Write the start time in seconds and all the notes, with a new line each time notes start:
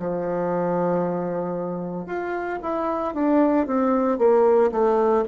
0.00 F3
2.07 F4
2.63 E4
3.15 D4
3.67 C4
4.19 A#3
4.72 A3